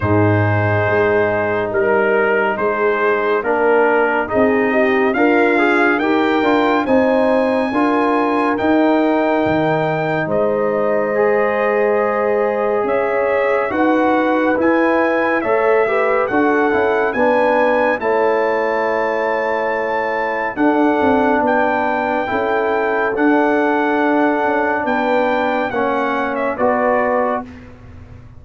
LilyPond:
<<
  \new Staff \with { instrumentName = "trumpet" } { \time 4/4 \tempo 4 = 70 c''2 ais'4 c''4 | ais'4 dis''4 f''4 g''4 | gis''2 g''2 | dis''2. e''4 |
fis''4 gis''4 e''4 fis''4 | gis''4 a''2. | fis''4 g''2 fis''4~ | fis''4 g''4 fis''8. e''16 d''4 | }
  \new Staff \with { instrumentName = "horn" } { \time 4/4 gis'2 ais'4 gis'4 | ais'4 gis'8 g'8 f'4 ais'4 | c''4 ais'2. | c''2. cis''4 |
b'2 cis''8 b'8 a'4 | b'4 cis''2. | a'4 b'4 a'2~ | a'4 b'4 cis''4 b'4 | }
  \new Staff \with { instrumentName = "trombone" } { \time 4/4 dis'1 | d'4 dis'4 ais'8 gis'8 g'8 f'8 | dis'4 f'4 dis'2~ | dis'4 gis'2. |
fis'4 e'4 a'8 g'8 fis'8 e'8 | d'4 e'2. | d'2 e'4 d'4~ | d'2 cis'4 fis'4 | }
  \new Staff \with { instrumentName = "tuba" } { \time 4/4 gis,4 gis4 g4 gis4 | ais4 c'4 d'4 dis'8 d'8 | c'4 d'4 dis'4 dis4 | gis2. cis'4 |
dis'4 e'4 a4 d'8 cis'8 | b4 a2. | d'8 c'8 b4 cis'4 d'4~ | d'8 cis'8 b4 ais4 b4 | }
>>